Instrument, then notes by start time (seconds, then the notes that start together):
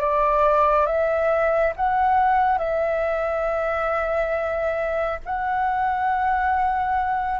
flute
0.00 D5
0.86 E5
1.76 F#5
2.58 E5
5.25 F#5